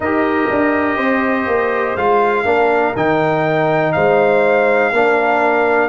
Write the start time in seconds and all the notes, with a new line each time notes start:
0.00 D#4 G4 A#4 D#5
0.50 D4
0.96 C4 C5
1.47 A#3
1.96 G#3 F4 F5
2.44 A#3 D4 A#4
2.95 D#3 D#4 G5
3.92 G#3 C5 F5
4.92 A#3 D4 A#4